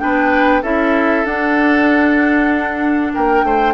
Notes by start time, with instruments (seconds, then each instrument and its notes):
0.00 bassoon B3, clarinet D4, oboe B4, flute G5
0.62 bassoon C#4, clarinet E4, oboe A4, flute E5
1.25 bassoon D4, clarinet D4, flute F#5
3.14 bassoon A#3, oboe A#4, flute G5
3.43 bassoon A3, oboe C5